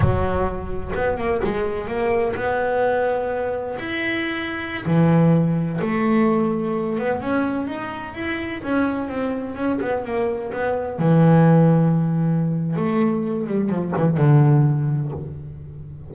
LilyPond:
\new Staff \with { instrumentName = "double bass" } { \time 4/4 \tempo 4 = 127 fis2 b8 ais8 gis4 | ais4 b2. | e'2~ e'16 e4.~ e16~ | e16 a2~ a8 b8 cis'8.~ |
cis'16 dis'4 e'4 cis'4 c'8.~ | c'16 cis'8 b8 ais4 b4 e8.~ | e2. a4~ | a8 g8 f8 e8 d2 | }